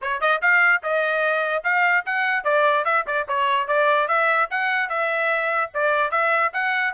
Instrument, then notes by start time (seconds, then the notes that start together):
trumpet
0.01 C#5
0.20 D#5
0.41 F5
0.82 D#5
1.63 F5
2.05 F#5
2.44 D5
2.85 E5
3.06 D5
3.28 C#5
3.67 D5
4.08 E5
4.50 F#5
4.89 E5
5.73 D5
6.11 E5
6.53 F#5